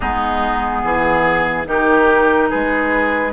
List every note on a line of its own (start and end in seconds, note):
0.00 0.83 G#3
0.00 1.65 B3
0.00 0.81 D#4
0.00 1.66 G#4
0.83 1.65 E3
0.83 1.67 G#4
1.65 2.49 D#3
1.65 3.31 D#4
1.65 2.49 G4
1.65 2.50 A#4
2.49 3.32 G#3
2.49 3.32 G#4
2.49 3.32 B4